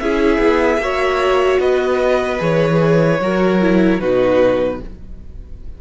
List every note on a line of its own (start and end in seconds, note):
0.00 0.38 C#4
0.00 0.82 E4
0.00 0.82 G#4
0.00 1.60 E5
0.38 0.78 B3
0.78 1.58 A#3
0.78 2.38 F#4
0.78 1.61 C#5
1.60 2.40 B3
1.60 3.21 B4
1.60 2.41 D#5
2.38 3.20 E3
2.38 3.18 G#4
2.38 4.00 C#5
3.20 4.00 F#3
3.20 3.61 F#4
3.20 4.00 A#4
3.62 4.01 E4
4.00 4.81 B2
4.00 4.81 D#4
4.00 4.80 F#4
4.00 4.81 B4